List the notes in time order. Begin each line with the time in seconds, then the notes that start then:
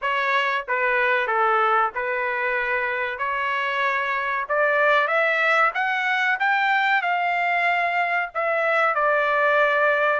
0.01 C#5
0.67 B4
1.27 A4
1.94 B4
3.18 C#5
4.49 D5
5.07 E5
5.74 F#5
6.39 G5
7.02 F5
8.34 E5
8.94 D5